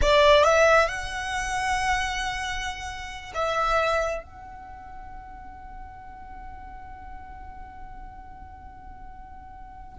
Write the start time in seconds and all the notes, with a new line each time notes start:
0.01 D5
0.44 E5
0.87 F#5
3.34 E5
4.23 F#5